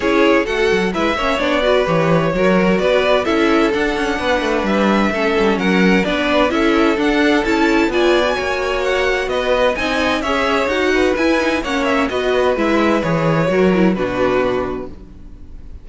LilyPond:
<<
  \new Staff \with { instrumentName = "violin" } { \time 4/4 \tempo 4 = 129 cis''4 fis''4 e''4 d''4 | cis''2 d''4 e''4 | fis''2 e''2 | fis''4 d''4 e''4 fis''4 |
a''4 gis''2 fis''4 | dis''4 gis''4 e''4 fis''4 | gis''4 fis''8 e''8 dis''4 e''4 | cis''2 b'2 | }
  \new Staff \with { instrumentName = "violin" } { \time 4/4 gis'4 a'4 b'8 cis''4 b'8~ | b'4 ais'4 b'4 a'4~ | a'4 b'2 a'4 | ais'4 b'4 a'2~ |
a'4 d''4 cis''2 | b'4 dis''4 cis''4. b'8~ | b'4 cis''4 b'2~ | b'4 ais'4 fis'2 | }
  \new Staff \with { instrumentName = "viola" } { \time 4/4 e'4 fis'4 e'8 cis'8 d'8 fis'8 | g'4 fis'2 e'4 | d'2. cis'4~ | cis'4 d'4 e'4 d'4 |
e'4 f'8. fis'2~ fis'16~ | fis'4 dis'4 gis'4 fis'4 | e'8 dis'8 cis'4 fis'4 e'4 | gis'4 fis'8 e'8 d'2 | }
  \new Staff \with { instrumentName = "cello" } { \time 4/4 cis'4 a8 fis8 gis8 ais8 b4 | e4 fis4 b4 cis'4 | d'8 cis'8 b8 a8 g4 a8 g8 | fis4 b4 cis'4 d'4 |
cis'4 b4 ais2 | b4 c'4 cis'4 dis'4 | e'4 ais4 b4 gis4 | e4 fis4 b,2 | }
>>